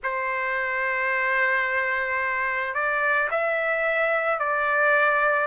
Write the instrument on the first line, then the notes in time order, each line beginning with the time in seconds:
trumpet
0.03 C5
2.74 D5
3.30 E5
4.39 D5